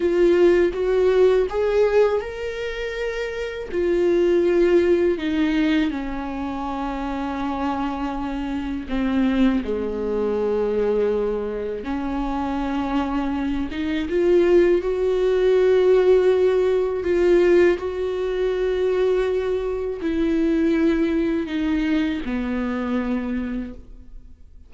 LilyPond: \new Staff \with { instrumentName = "viola" } { \time 4/4 \tempo 4 = 81 f'4 fis'4 gis'4 ais'4~ | ais'4 f'2 dis'4 | cis'1 | c'4 gis2. |
cis'2~ cis'8 dis'8 f'4 | fis'2. f'4 | fis'2. e'4~ | e'4 dis'4 b2 | }